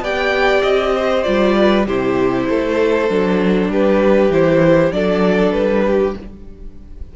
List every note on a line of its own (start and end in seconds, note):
0.00 0.61 B3
0.00 1.24 G4
0.00 0.94 D5
0.00 0.62 G5
0.62 1.24 C4
0.62 1.23 D#5
0.94 1.56 C5
1.23 1.86 G3
1.23 1.85 F4
1.23 1.84 D5
1.56 1.87 B4
1.86 2.48 C3
1.86 3.09 E4
1.86 2.48 G4
1.86 3.71 C5
2.49 3.09 A3
2.49 3.71 A4
3.09 3.68 F#3
3.09 4.31 D4
3.68 4.29 G3
3.68 4.94 G4
3.68 4.32 B4
4.29 4.91 E3
4.29 4.91 E4
4.29 4.92 C5
4.91 5.52 F#3
4.91 6.14 D4
4.91 5.85 A4
4.91 5.52 D5
5.52 6.13 G3
5.52 6.13 B4
5.85 6.16 G4